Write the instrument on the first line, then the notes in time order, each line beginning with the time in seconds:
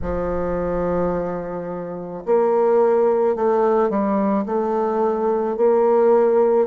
bassoon
0.02 F3
2.25 A#3
3.35 A3
3.89 G3
4.45 A3
5.57 A#3